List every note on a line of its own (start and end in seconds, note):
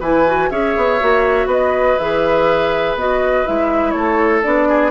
0.00 0.50 E3
0.00 0.27 E4
0.00 0.49 B4
0.00 0.50 G#5
0.27 0.51 F#4
0.50 0.76 C#4
0.50 1.00 G#4
0.50 1.47 C#5
0.50 1.48 E5
0.77 1.01 B3
1.00 1.46 A#3
1.00 1.98 F#4
1.46 1.95 B3
1.46 3.93 B4
1.46 1.98 D#5
1.98 2.95 E3
1.98 2.98 G#4
1.98 2.97 E5
2.95 3.44 B3
2.95 3.45 F#4
2.95 3.47 D#5
3.45 3.94 G#3
3.45 4.43 E4
3.45 3.91 E5
3.91 4.43 A3
3.91 4.68 A4
3.91 4.40 C#5
4.43 4.91 B3
4.43 4.91 D4
4.43 4.91 D5
4.68 4.91 G#4